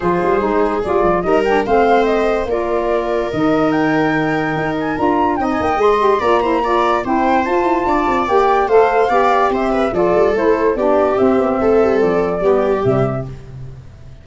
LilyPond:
<<
  \new Staff \with { instrumentName = "flute" } { \time 4/4 \tempo 4 = 145 c''2 d''4 dis''8 g''8 | f''4 dis''4 d''2 | dis''4 g''2~ g''8 gis''8 | ais''4 g''16 gis''16 g''8 c'''4 ais''4~ |
ais''4 g''4 a''2 | g''4 f''2 e''4 | d''4 c''4 d''4 e''4~ | e''4 d''2 e''4 | }
  \new Staff \with { instrumentName = "viola" } { \time 4/4 gis'2. ais'4 | c''2 ais'2~ | ais'1~ | ais'4 dis''2 d''8 c''8 |
d''4 c''2 d''4~ | d''4 c''4 d''4 c''8 b'8 | a'2 g'2 | a'2 g'2 | }
  \new Staff \with { instrumentName = "saxophone" } { \time 4/4 f'4 dis'4 f'4 dis'8 d'8 | c'2 f'2 | dis'1 | f'4 dis'4 gis'8 g'8 f'8 e'8 |
f'4 e'4 f'2 | g'4 a'4 g'2 | f'4 e'4 d'4 c'4~ | c'2 b4 g4 | }
  \new Staff \with { instrumentName = "tuba" } { \time 4/4 f8 g8 gis4 g8 f8 g4 | a2 ais2 | dis2. dis'4 | d'4 c'8 ais8 gis4 ais4~ |
ais4 c'4 f'8 e'8 d'8 c'8 | ais4 a4 b4 c'4 | f8 g8 a4 b4 c'8 b8 | a8 g8 f4 g4 c4 | }
>>